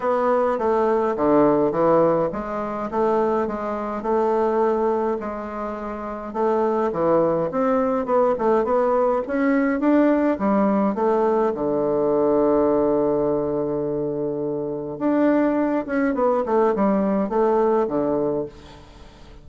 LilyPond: \new Staff \with { instrumentName = "bassoon" } { \time 4/4 \tempo 4 = 104 b4 a4 d4 e4 | gis4 a4 gis4 a4~ | a4 gis2 a4 | e4 c'4 b8 a8 b4 |
cis'4 d'4 g4 a4 | d1~ | d2 d'4. cis'8 | b8 a8 g4 a4 d4 | }